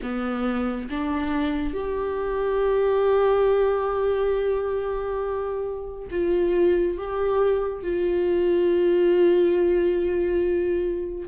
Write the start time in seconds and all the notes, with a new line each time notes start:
0.02 B3
0.90 D4
1.73 G4
6.11 F4
6.97 G4
7.83 F4